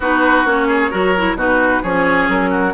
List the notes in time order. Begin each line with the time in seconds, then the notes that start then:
0.00 B3 D#4 F#4 B4
0.44 A#3 C#4 C#5
0.67 G#4
0.90 F#3 F#4 A#4
1.17 E4
1.34 B2 D#4 F#4 B4
1.82 F3 C#4 G#4 C#5
2.27 F#3 A#4
2.50 F#4